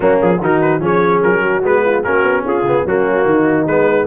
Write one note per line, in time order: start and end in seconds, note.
0.00 0.18 F#3
0.00 0.38 A#3
0.00 0.40 C#4
0.00 0.20 F#4
0.21 0.40 F3
0.21 0.42 G#4
0.40 0.80 D#3
0.40 0.80 D#4
0.40 0.81 F#4
0.40 0.61 A#4
0.61 0.81 B4
0.80 1.20 F3
0.80 1.62 C#4
0.80 1.42 G#4
0.80 1.22 C#5
1.22 1.63 F#3
1.22 1.63 A#4
1.42 1.83 F#4
1.62 2.04 G#3
1.62 2.03 B3
1.62 2.03 B4
1.85 2.05 F4
2.03 2.23 A#3
2.03 2.64 C#4
2.03 2.44 F#4
2.03 2.44 A#4
2.23 2.43 B3
2.44 2.63 C#4
2.44 2.84 F4
2.44 2.87 G#4
2.63 2.83 C#3
2.63 2.86 B3
2.85 3.25 F#3
2.85 3.68 A#3
2.85 3.26 C#4
2.85 3.67 F#4
3.25 3.65 D#3
3.25 4.07 D#4
3.67 4.07 G#3
3.67 4.07 B3
3.67 4.07 B4